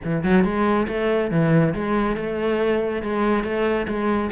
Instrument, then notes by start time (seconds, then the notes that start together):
cello
0.04 E3
0.23 F#3
0.44 G#3
0.88 A3
1.30 E3
1.74 G#3
2.16 A3
3.02 G#3
3.43 A3
3.87 G#3